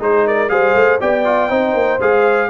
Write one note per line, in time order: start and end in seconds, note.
0.00 0.50 G#3
0.00 0.49 D#4
0.00 0.26 G#4
0.00 0.28 C5
0.27 0.51 A#4
0.27 0.50 D5
0.49 0.75 G3
0.49 0.99 G#4
0.49 1.01 C5
0.49 1.00 F5
0.75 1.00 A3
1.01 1.51 B3
1.01 1.25 G4
1.01 1.50 D5
1.01 2.01 G5
1.25 1.50 F4
1.50 1.74 C4
1.50 2.00 D#4
1.50 2.50 C5
1.74 1.99 A#3
2.01 2.50 G#3
2.01 2.50 G#4
2.01 2.50 F5